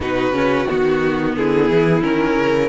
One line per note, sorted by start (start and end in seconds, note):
0.00 0.31 B2
0.00 0.33 D#4
0.00 1.36 F#4
0.00 0.68 B4
0.31 0.64 C#3
0.31 0.67 C#4
0.67 1.37 D#3
0.67 2.01 B3
0.67 1.35 F#4
1.36 1.69 D3
1.36 2.68 E4
1.36 2.03 G#4
1.69 2.03 E3
2.01 2.35 D#3
2.01 2.68 C#4
2.01 2.68 A#4
2.35 2.68 C#3